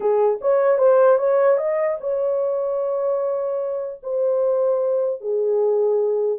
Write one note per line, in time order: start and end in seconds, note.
0.00 0.39 G#4
0.41 0.78 C#5
0.78 1.17 C5
1.17 1.57 C#5
1.57 1.97 D#5
2.00 4.00 C#5
4.02 5.20 C5
5.20 6.38 G#4